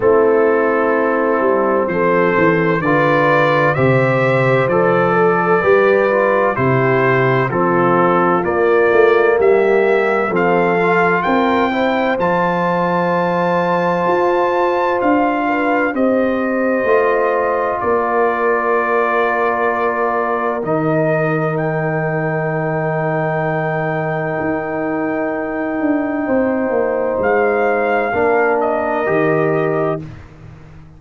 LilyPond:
<<
  \new Staff \with { instrumentName = "trumpet" } { \time 4/4 \tempo 4 = 64 a'2 c''4 d''4 | e''4 d''2 c''4 | a'4 d''4 e''4 f''4 | g''4 a''2. |
f''4 dis''2 d''4~ | d''2 dis''4 g''4~ | g''1~ | g''4 f''4. dis''4. | }
  \new Staff \with { instrumentName = "horn" } { \time 4/4 e'2 a'4 b'4 | c''4. a'8 b'4 g'4 | f'2 g'4 a'4 | ais'8 c''2.~ c''8~ |
c''8 b'8 c''2 ais'4~ | ais'1~ | ais'1 | c''2 ais'2 | }
  \new Staff \with { instrumentName = "trombone" } { \time 4/4 c'2. f'4 | g'4 a'4 g'8 f'8 e'4 | c'4 ais2 c'8 f'8~ | f'8 e'8 f'2.~ |
f'4 g'4 f'2~ | f'2 dis'2~ | dis'1~ | dis'2 d'4 g'4 | }
  \new Staff \with { instrumentName = "tuba" } { \time 4/4 a4. g8 f8 e8 d4 | c4 f4 g4 c4 | f4 ais8 a8 g4 f4 | c'4 f2 f'4 |
d'4 c'4 a4 ais4~ | ais2 dis2~ | dis2 dis'4. d'8 | c'8 ais8 gis4 ais4 dis4 | }
>>